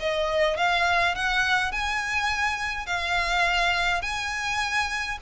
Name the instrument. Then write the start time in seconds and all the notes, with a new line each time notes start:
violin
0.00 D#5
0.57 F5
1.15 F#5
1.72 G#5
2.86 F5
4.02 G#5